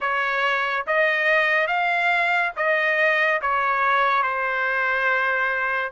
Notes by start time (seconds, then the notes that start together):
0.00 C#5
0.86 D#5
1.67 F5
2.56 D#5
3.41 C#5
4.23 C5